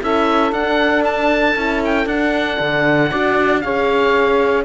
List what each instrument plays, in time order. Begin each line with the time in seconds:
0.00 cello C#4, horn E4, saxophone A4, oboe E5
0.52 cello D4, horn D4, oboe F#5
1.04 oboe A5
1.55 cello C#4, horn E4
1.85 oboe G5
2.06 cello D4, horn D4, oboe F#5
2.59 cello D3
3.10 cello D4, horn F#4, saxophone D5
3.61 cello C#4, horn G#4, saxophone C#5, oboe F5